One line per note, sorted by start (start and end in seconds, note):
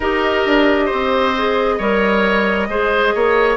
0.00 0.44 D#4
0.00 1.35 G4
0.00 0.85 A#4
0.00 3.56 D#5
0.45 0.90 D4
0.85 1.75 C5
0.92 1.79 C4
1.37 1.80 G#4
1.78 2.68 G3
1.78 2.69 A#4
1.78 2.67 C#5
2.68 3.13 G#3
2.68 3.56 G#4
2.68 3.14 C5
3.14 3.56 A#3
3.14 3.56 C#5